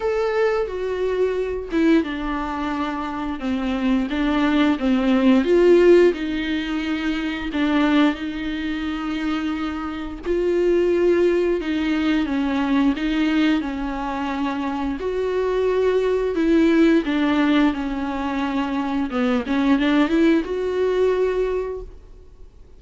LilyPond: \new Staff \with { instrumentName = "viola" } { \time 4/4 \tempo 4 = 88 a'4 fis'4. e'8 d'4~ | d'4 c'4 d'4 c'4 | f'4 dis'2 d'4 | dis'2. f'4~ |
f'4 dis'4 cis'4 dis'4 | cis'2 fis'2 | e'4 d'4 cis'2 | b8 cis'8 d'8 e'8 fis'2 | }